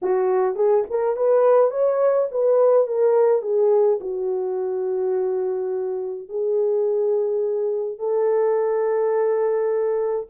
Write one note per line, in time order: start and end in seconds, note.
0.02 0.55 F#4
0.55 0.84 G#4
0.90 1.16 A#4
1.16 1.70 B4
1.70 2.28 C#5
2.31 2.87 B4
2.87 3.42 A#4
3.42 3.99 G#4
4.00 6.29 F#4
6.29 7.98 G#4
7.98 10.26 A4